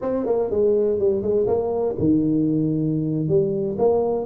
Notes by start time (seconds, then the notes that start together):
0.01 C4
0.26 A#3
0.50 G#3
0.98 G3
1.22 G#3
1.47 A#3
1.98 D#3
3.28 G3
3.78 A#3